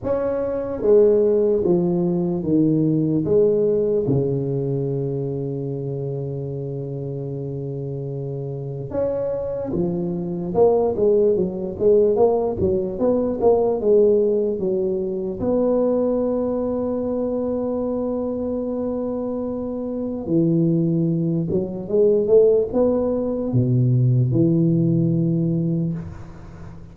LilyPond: \new Staff \with { instrumentName = "tuba" } { \time 4/4 \tempo 4 = 74 cis'4 gis4 f4 dis4 | gis4 cis2.~ | cis2. cis'4 | f4 ais8 gis8 fis8 gis8 ais8 fis8 |
b8 ais8 gis4 fis4 b4~ | b1~ | b4 e4. fis8 gis8 a8 | b4 b,4 e2 | }